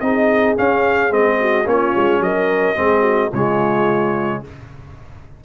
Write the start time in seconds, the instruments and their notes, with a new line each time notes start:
0.00 tuba C4, trombone D#4, horn G#4, trumpet D#5
0.57 trombone C#4, tuba C#4, trumpet F5
1.09 tuba G#3, trombone C4, trumpet D#5
1.40 horn F#4
1.65 tuba A#3, trombone C#4, horn F4, trumpet C#5
1.96 tuba G#3
2.19 tuba F#3, horn A#4, trumpet D#5
2.75 tuba G#3, trombone C4, horn G#4
3.01 horn F#4
3.30 tuba C#3, trombone G#3, horn F4, trumpet C#5